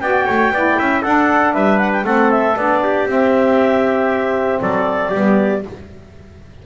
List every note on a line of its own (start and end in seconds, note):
0.00 0.26 B3
0.00 0.53 F#4
0.00 0.26 D5
0.00 1.03 G5
0.26 0.50 A3
0.26 0.52 C#5
0.50 0.76 B3
0.50 1.05 E4
0.50 0.79 D5
0.79 1.05 C#4
0.79 1.02 E5
1.02 2.04 D4
1.02 1.54 D4
1.02 1.54 A4
1.02 1.54 F#5
1.54 2.04 G3
1.54 2.05 B4
1.54 1.78 E5
1.78 1.91 F#5
1.93 2.05 G5
2.04 2.55 A3
2.04 2.56 C4
2.04 2.83 A4
2.04 2.31 F#5
2.31 2.57 E5
2.56 3.07 B3
2.56 3.07 D4
2.56 3.08 D5
2.84 4.63 G4
3.07 4.60 C4
3.07 5.13 C4
3.07 4.61 E5
4.61 5.13 F#3
4.61 5.10 A4
4.61 5.64 D5
5.10 5.65 G3
5.10 5.65 B3
5.10 5.62 G4